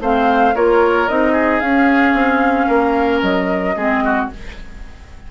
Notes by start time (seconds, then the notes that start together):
0.00 A3 C4 C5 F5
0.55 A#3 F4 A#4 C#5
1.08 C4 D#4 D#5
1.32 G#4
1.60 C#4 F5
2.13 C4
2.67 A#3 A#4
3.22 F#3 D#5
3.76 G#3 C4 G#4
4.04 F#4